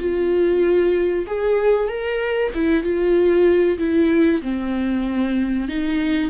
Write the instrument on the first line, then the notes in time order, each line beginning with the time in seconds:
viola
0.00 F4
1.27 G#4
1.89 A#4
2.55 E4
2.84 F4
3.79 E4
4.42 C4
5.69 D#4